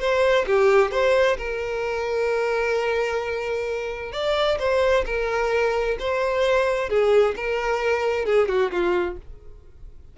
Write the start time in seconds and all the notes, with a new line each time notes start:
0.00 C5
0.47 G4
0.92 C5
1.38 A#4
4.12 D5
4.59 C5
5.06 A#4
6.00 C5
6.90 G#4
7.36 A#4
8.26 G#4
8.48 F#4
8.71 F4